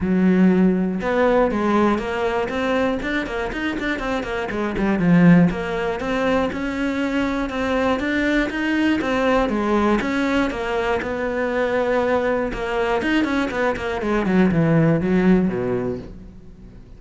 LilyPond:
\new Staff \with { instrumentName = "cello" } { \time 4/4 \tempo 4 = 120 fis2 b4 gis4 | ais4 c'4 d'8 ais8 dis'8 d'8 | c'8 ais8 gis8 g8 f4 ais4 | c'4 cis'2 c'4 |
d'4 dis'4 c'4 gis4 | cis'4 ais4 b2~ | b4 ais4 dis'8 cis'8 b8 ais8 | gis8 fis8 e4 fis4 b,4 | }